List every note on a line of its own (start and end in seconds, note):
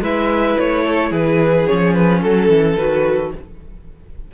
0.00 0.55 G#3
0.00 1.68 E4
0.00 0.84 B4
0.00 0.58 E5
0.58 1.11 A3
0.58 1.12 C#5
0.84 1.10 A4
1.10 1.66 E3
1.10 2.20 G#4
1.10 1.67 B4
1.67 2.25 F3
1.67 2.78 C#4
1.67 1.93 C#5
1.93 2.21 B4
2.21 2.49 F#3
2.21 3.31 A4
2.21 2.77 A4
2.49 2.76 E3
2.77 3.32 D#3
2.77 3.33 F#4
2.77 3.32 B4